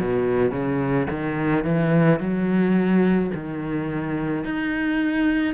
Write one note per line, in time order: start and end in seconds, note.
0.00 0.52 B2
0.52 1.07 C#3
1.11 1.65 D#3
1.65 2.20 E3
2.20 3.31 F#3
3.35 4.44 D#3
4.44 5.55 D#4